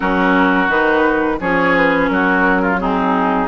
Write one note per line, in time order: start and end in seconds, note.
0.00 0.68 F#3
0.00 0.68 C#4
0.00 1.36 F#4
0.00 0.69 A#4
0.68 1.38 D#3
0.68 1.38 D#4
0.68 1.39 B4
1.40 2.09 F3
1.40 2.79 C#4
1.40 2.10 G#4
1.40 1.76 C#5
1.76 2.07 B4
2.07 3.47 F#3
2.07 2.62 F#4
2.07 2.77 A#4
2.62 2.79 F4
2.79 3.47 C4
2.79 3.47 D#4
2.79 3.47 G#4